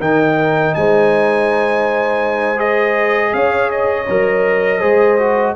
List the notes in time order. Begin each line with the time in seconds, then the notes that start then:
0.00 D#3 D#4 A#4 G5
0.75 G#3 C5 G#5
2.57 G#4 D#5
3.33 C#4 C#5 F5
3.71 D#5
4.10 F#3 A#4
4.79 G#3 G#4 C5
5.19 F#4